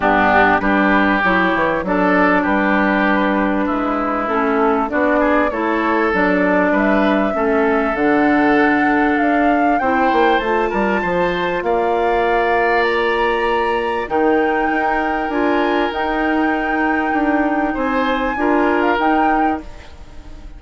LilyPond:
<<
  \new Staff \with { instrumentName = "flute" } { \time 4/4 \tempo 4 = 98 g'4 b'4 cis''4 d''4 | b'2. a'4 | d''4 cis''4 d''4 e''4~ | e''4 fis''2 f''4 |
g''4 a''2 f''4~ | f''4 ais''2 g''4~ | g''4 gis''4 g''2~ | g''4 gis''4.~ gis''16 f''16 g''4 | }
  \new Staff \with { instrumentName = "oboe" } { \time 4/4 d'4 g'2 a'4 | g'2 e'2 | fis'8 gis'8 a'2 b'4 | a'1 |
c''4. ais'8 c''4 d''4~ | d''2. ais'4~ | ais'1~ | ais'4 c''4 ais'2 | }
  \new Staff \with { instrumentName = "clarinet" } { \time 4/4 b4 d'4 e'4 d'4~ | d'2. cis'4 | d'4 e'4 d'2 | cis'4 d'2. |
e'4 f'2.~ | f'2. dis'4~ | dis'4 f'4 dis'2~ | dis'2 f'4 dis'4 | }
  \new Staff \with { instrumentName = "bassoon" } { \time 4/4 g,4 g4 fis8 e8 fis4 | g2 gis4 a4 | b4 a4 fis4 g4 | a4 d2 d'4 |
c'8 ais8 a8 g8 f4 ais4~ | ais2. dis4 | dis'4 d'4 dis'2 | d'4 c'4 d'4 dis'4 | }
>>